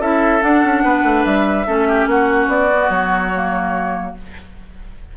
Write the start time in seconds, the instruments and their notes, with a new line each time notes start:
0.00 bassoon C#4, clarinet E4, oboe A4, flute E5
0.41 clarinet D4, bassoon D4, flute F#5
0.64 bassoon C#4
0.84 bassoon B3, oboe B4
1.04 bassoon A3
1.25 bassoon G3, flute E5
1.67 bassoon A3, clarinet C#4, oboe A4
1.88 oboe G4
2.07 bassoon A#3, oboe F#4, flute F#5
2.48 bassoon B3, flute D5
2.72 clarinet B3
2.90 bassoon F#3, flute C#5
3.34 clarinet A#3